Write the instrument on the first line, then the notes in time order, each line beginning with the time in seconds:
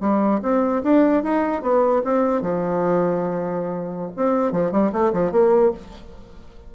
bassoon
0.00 G3
0.42 C4
0.83 D4
1.23 D#4
1.62 B3
2.04 C4
2.41 F3
4.16 C4
4.52 F3
4.71 G3
4.92 A3
5.12 F3
5.31 A#3